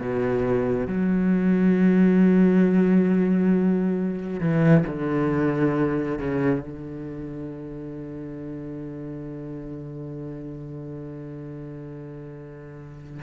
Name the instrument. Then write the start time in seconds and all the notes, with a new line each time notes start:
cello
0.00 B2
0.87 F#3
4.40 E3
4.87 D3
6.18 C#3
6.60 D3